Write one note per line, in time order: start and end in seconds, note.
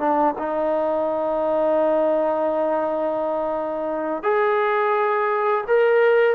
0.00 0.35 D4
0.39 4.24 D#4
4.24 5.65 G#4
5.68 6.36 A#4